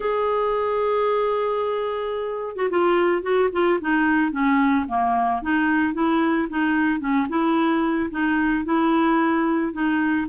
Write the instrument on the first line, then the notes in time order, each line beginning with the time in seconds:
clarinet
0.00 G#4
2.56 F#4
2.70 F4
3.22 F#4
3.52 F4
3.81 D#4
4.31 C#4
4.87 A#3
5.42 D#4
5.93 E4
6.49 D#4
7.00 C#4
7.29 E4
8.11 D#4
8.65 E4
9.72 D#4